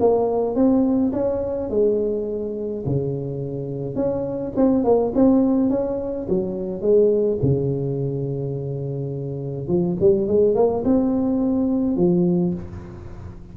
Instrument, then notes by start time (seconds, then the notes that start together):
tuba
0.00 A#3
0.56 C4
1.13 C#4
1.70 G#3
2.86 C#3
3.96 C#4
4.57 C4
4.84 A#3
5.15 C4
5.70 C#4
6.29 F#3
6.82 G#3
7.43 C#3
9.68 F3
10.01 G3
10.28 G#3
10.55 A#3
10.85 C4
11.97 F3